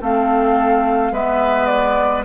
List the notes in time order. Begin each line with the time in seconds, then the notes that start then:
0.00 A3 C4 A4 F5
1.12 G#3 B3 B4 E5
1.66 D5